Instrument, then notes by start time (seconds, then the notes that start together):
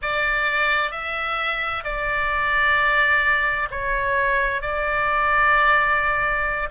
oboe
0.02 D5
0.91 E5
1.84 D5
3.70 C#5
4.61 D5